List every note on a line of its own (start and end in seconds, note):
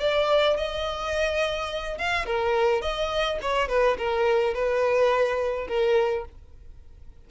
0.00 0.57 D5
0.57 1.98 D#5
1.98 2.26 F5
2.26 2.82 A#4
2.82 3.39 D#5
3.42 3.69 C#5
3.69 3.97 B4
3.98 4.54 A#4
4.54 5.68 B4
5.68 6.25 A#4